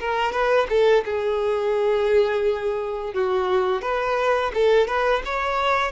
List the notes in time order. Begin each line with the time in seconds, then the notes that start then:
0.00 A#4
0.32 B4
0.70 A4
1.05 G#4
3.14 F#4
3.82 B4
4.54 A4
4.87 B4
5.25 C#5